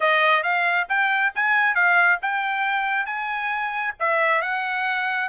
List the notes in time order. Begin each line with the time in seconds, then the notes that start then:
0.00 D#5
0.43 F5
0.88 G5
1.35 G#5
1.74 F5
2.22 G5
3.05 G#5
3.99 E5
4.41 F#5